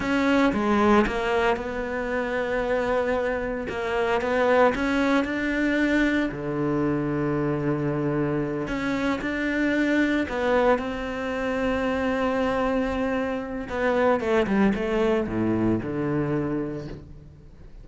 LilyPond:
\new Staff \with { instrumentName = "cello" } { \time 4/4 \tempo 4 = 114 cis'4 gis4 ais4 b4~ | b2. ais4 | b4 cis'4 d'2 | d1~ |
d8 cis'4 d'2 b8~ | b8 c'2.~ c'8~ | c'2 b4 a8 g8 | a4 a,4 d2 | }